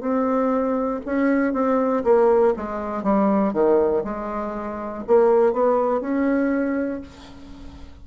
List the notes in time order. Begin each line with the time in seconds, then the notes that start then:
0.00 C4
1.05 C#4
1.53 C4
2.04 A#3
2.56 G#3
3.03 G3
3.53 D#3
4.04 G#3
5.07 A#3
5.52 B3
6.00 C#4